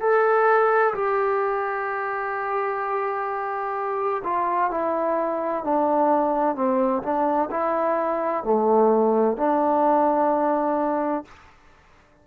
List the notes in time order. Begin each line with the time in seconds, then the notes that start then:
0.00 A4
0.94 G4
4.24 F4
4.70 E4
5.63 D4
6.55 C4
7.02 D4
7.50 E4
8.44 A3
9.37 D4